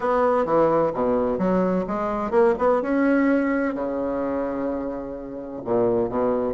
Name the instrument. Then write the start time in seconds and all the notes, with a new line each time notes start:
bassoon
0.00 B3
0.45 E3
0.94 B2
1.38 F#3
1.87 G#3
2.31 A#3
2.58 B3
2.81 C#4
3.74 C#3
5.64 A#2
6.09 B2